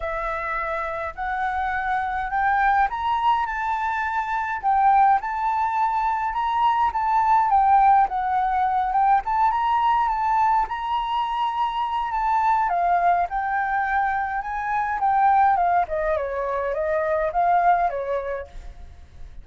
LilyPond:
\new Staff \with { instrumentName = "flute" } { \time 4/4 \tempo 4 = 104 e''2 fis''2 | g''4 ais''4 a''2 | g''4 a''2 ais''4 | a''4 g''4 fis''4. g''8 |
a''8 ais''4 a''4 ais''4.~ | ais''4 a''4 f''4 g''4~ | g''4 gis''4 g''4 f''8 dis''8 | cis''4 dis''4 f''4 cis''4 | }